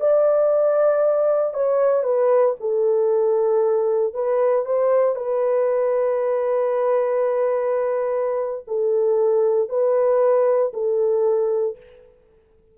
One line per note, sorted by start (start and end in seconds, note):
0.00 1.54 D5
1.54 2.03 C#5
2.03 2.55 B4
2.60 4.13 A4
4.13 4.65 B4
4.65 5.15 C5
5.15 8.64 B4
8.67 9.68 A4
9.68 10.72 B4
10.73 11.76 A4